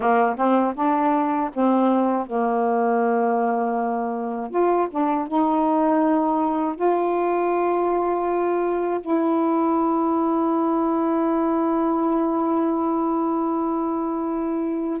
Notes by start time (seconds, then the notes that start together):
0.00 A#3
0.36 C4
0.75 D4
1.53 C4
2.26 A#3
4.50 F4
4.90 D4
5.27 D#4
6.75 F4
9.00 E4